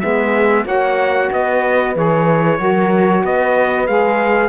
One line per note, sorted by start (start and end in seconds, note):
0.00 0.65 G#3
0.00 0.65 B3
0.00 0.65 G#4
0.00 0.65 E5
0.65 1.29 A#3
0.65 1.94 F#4
0.65 1.29 C#5
0.65 1.32 F#5
1.32 1.95 B3
1.32 2.60 B4
1.32 1.97 D#5
1.95 2.59 E3
1.95 2.57 G#4
1.95 3.25 C#5
2.57 3.23 F#3
2.57 3.86 F#4
2.57 3.23 A#4
3.23 3.87 B3
3.23 4.49 B4
3.23 3.87 D#5
3.87 4.49 G#3
3.87 4.49 G#4
3.87 4.49 F5